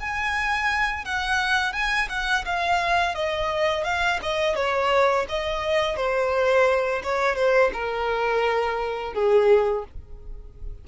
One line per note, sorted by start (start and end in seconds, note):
0.00 1.05 G#5
1.05 1.73 F#5
1.73 2.08 G#5
2.10 2.45 F#5
2.45 3.15 F5
3.15 3.84 D#5
3.84 4.20 F5
4.23 4.55 D#5
4.55 5.26 C#5
5.29 5.96 D#5
5.96 7.02 C5
7.03 7.36 C#5
7.36 7.71 C5
7.74 9.14 A#4
9.14 9.84 G#4